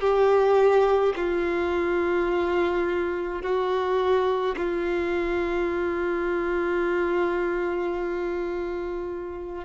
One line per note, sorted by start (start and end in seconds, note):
0.00 1.13 G4
1.16 3.42 F4
3.42 4.55 F#4
4.56 9.65 F4